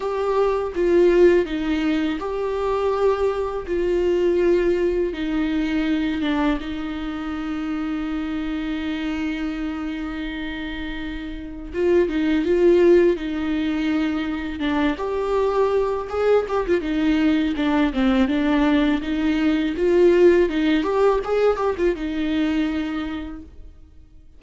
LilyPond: \new Staff \with { instrumentName = "viola" } { \time 4/4 \tempo 4 = 82 g'4 f'4 dis'4 g'4~ | g'4 f'2 dis'4~ | dis'8 d'8 dis'2.~ | dis'1 |
f'8 dis'8 f'4 dis'2 | d'8 g'4. gis'8 g'16 f'16 dis'4 | d'8 c'8 d'4 dis'4 f'4 | dis'8 g'8 gis'8 g'16 f'16 dis'2 | }